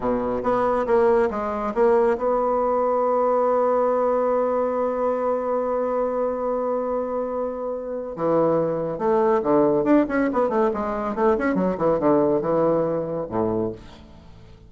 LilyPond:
\new Staff \with { instrumentName = "bassoon" } { \time 4/4 \tempo 4 = 140 b,4 b4 ais4 gis4 | ais4 b2.~ | b1~ | b1~ |
b2. e4~ | e4 a4 d4 d'8 cis'8 | b8 a8 gis4 a8 cis'8 fis8 e8 | d4 e2 a,4 | }